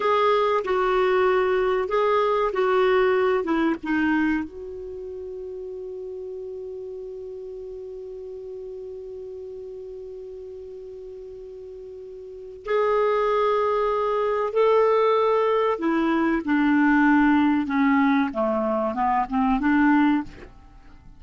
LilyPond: \new Staff \with { instrumentName = "clarinet" } { \time 4/4 \tempo 4 = 95 gis'4 fis'2 gis'4 | fis'4. e'8 dis'4 fis'4~ | fis'1~ | fis'1~ |
fis'1 | gis'2. a'4~ | a'4 e'4 d'2 | cis'4 a4 b8 c'8 d'4 | }